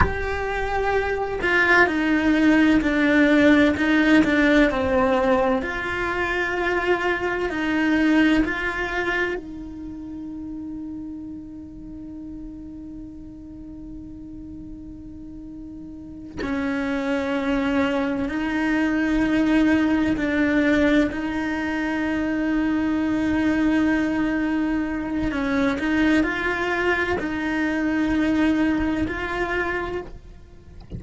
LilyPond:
\new Staff \with { instrumentName = "cello" } { \time 4/4 \tempo 4 = 64 g'4. f'8 dis'4 d'4 | dis'8 d'8 c'4 f'2 | dis'4 f'4 dis'2~ | dis'1~ |
dis'4. cis'2 dis'8~ | dis'4. d'4 dis'4.~ | dis'2. cis'8 dis'8 | f'4 dis'2 f'4 | }